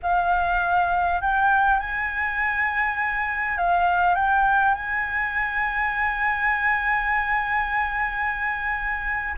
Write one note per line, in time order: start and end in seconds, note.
0.02 1.21 F5
1.21 1.79 G5
1.79 3.57 G#5
3.57 4.15 F5
4.15 4.74 G5
4.74 9.35 G#5